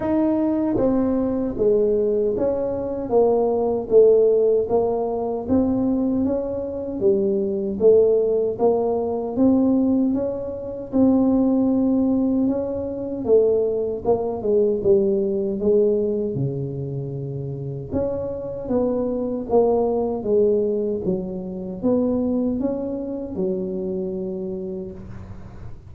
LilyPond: \new Staff \with { instrumentName = "tuba" } { \time 4/4 \tempo 4 = 77 dis'4 c'4 gis4 cis'4 | ais4 a4 ais4 c'4 | cis'4 g4 a4 ais4 | c'4 cis'4 c'2 |
cis'4 a4 ais8 gis8 g4 | gis4 cis2 cis'4 | b4 ais4 gis4 fis4 | b4 cis'4 fis2 | }